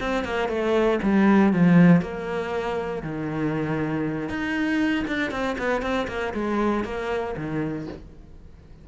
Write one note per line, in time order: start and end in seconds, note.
0.00 0.24 C4
0.24 0.48 A#3
0.48 0.99 A3
1.02 1.53 G3
1.53 2.01 F3
2.01 3.02 A#3
3.02 4.29 D#3
4.29 5.05 D#4
5.07 5.31 D4
5.31 5.56 C4
5.58 5.82 B3
5.82 6.07 C4
6.08 6.33 A#3
6.34 6.84 G#3
6.84 7.35 A#3
7.37 7.87 D#3